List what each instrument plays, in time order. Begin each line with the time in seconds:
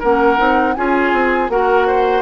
0.00 bassoon A#3, clarinet C#4, oboe A#4, flute F#5
0.37 bassoon C4, clarinet D#4
0.75 bassoon C#4, clarinet F4, oboe G#4, flute G#5
1.13 bassoon C4
1.49 bassoon A#3, clarinet F#4, oboe A#4, flute F#5
1.87 oboe C5